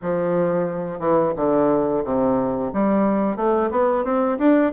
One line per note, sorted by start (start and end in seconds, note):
0.02 0.99 F3
0.99 1.33 E3
1.36 2.03 D3
2.04 2.72 C3
2.73 3.36 G3
3.36 3.70 A3
3.70 4.04 B3
4.04 4.38 C4
4.38 4.72 D4